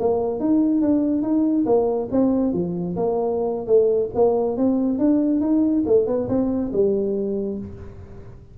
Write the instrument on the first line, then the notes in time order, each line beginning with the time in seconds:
tuba
0.00 A#3
0.40 D#4
0.82 D4
1.23 D#4
1.66 A#3
2.12 C4
2.53 F3
2.96 A#3
3.67 A3
4.15 A#3
4.57 C4
4.99 D4
5.41 D#4
5.87 A3
6.07 B3
6.29 C4
6.73 G3